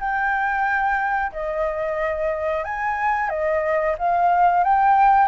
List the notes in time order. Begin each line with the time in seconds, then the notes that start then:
0.00 G5
1.32 D#5
2.64 G#5
3.29 D#5
3.98 F5
4.64 G5